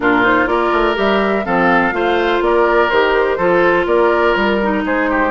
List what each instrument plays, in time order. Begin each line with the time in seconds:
0.00 bassoon A#2, clarinet D4, oboe F4, flute A#4
0.22 clarinet D#4, flute C5
0.46 bassoon A#3, clarinet F4, oboe A#4, flute D5
0.72 bassoon A3
0.95 bassoon G3, clarinet G4, flute E5
1.44 bassoon F3, clarinet C4, oboe A4, flute F5
1.92 bassoon A3, clarinet F4, oboe C5
2.40 bassoon A#3, oboe A#4, flute D5
2.89 bassoon D#3, clarinet G4, flute C5
3.37 bassoon F3, clarinet F4, oboe A4
3.85 bassoon A#3, oboe A#4, flute D5
4.34 bassoon G3, flute A#4
4.62 clarinet D#4
4.84 bassoon G#3, oboe G#4, flute C5
5.10 oboe G4